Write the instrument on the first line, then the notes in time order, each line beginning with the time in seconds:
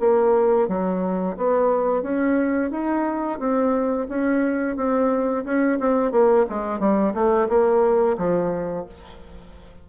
bassoon
0.00 A#3
0.68 F#3
1.37 B3
2.03 C#4
2.71 D#4
3.39 C4
4.09 C#4
4.77 C4
5.45 C#4
5.80 C4
6.12 A#3
6.49 G#3
6.80 G3
7.14 A3
7.49 A#3
8.18 F3